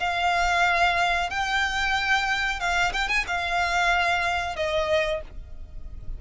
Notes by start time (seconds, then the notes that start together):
0.00 F5
1.30 G5
2.60 F5
2.93 G5
3.09 G#5
3.28 F5
4.57 D#5